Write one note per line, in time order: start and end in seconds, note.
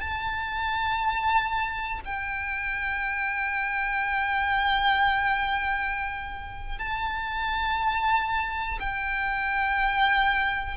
0.00 2.00 A5
2.05 6.78 G5
6.78 8.78 A5
8.80 10.77 G5